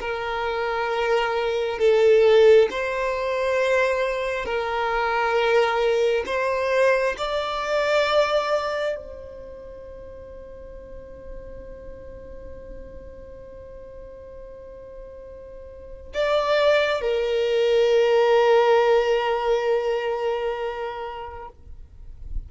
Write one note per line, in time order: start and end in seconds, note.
0.00 1.79 A#4
1.79 2.69 A4
2.70 4.45 C5
4.45 6.24 A#4
6.26 7.16 C5
7.18 8.96 D5
8.96 16.13 C5
16.14 17.01 D5
17.01 21.49 A#4